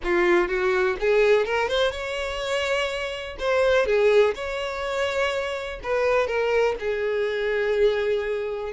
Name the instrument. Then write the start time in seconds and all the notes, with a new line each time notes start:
violin
0.03 F4
0.48 F#4
0.99 G#4
1.45 A#4
1.68 C5
1.91 C#5
3.39 C5
3.86 G#4
4.34 C#5
5.83 B4
6.27 A#4
6.79 G#4